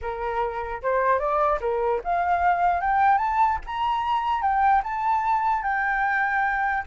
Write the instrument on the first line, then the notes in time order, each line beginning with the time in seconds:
flute
0.01 A#4
0.82 C5
1.19 D5
1.61 A#4
2.03 F5
2.80 G5
3.18 A5
3.66 A#5
4.41 G5
4.83 A5
5.62 G5